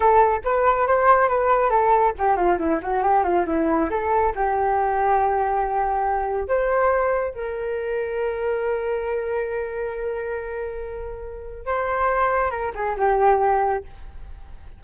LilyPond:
\new Staff \with { instrumentName = "flute" } { \time 4/4 \tempo 4 = 139 a'4 b'4 c''4 b'4 | a'4 g'8 f'8 e'8 fis'8 g'8 f'8 | e'4 a'4 g'2~ | g'2. c''4~ |
c''4 ais'2.~ | ais'1~ | ais'2. c''4~ | c''4 ais'8 gis'8 g'2 | }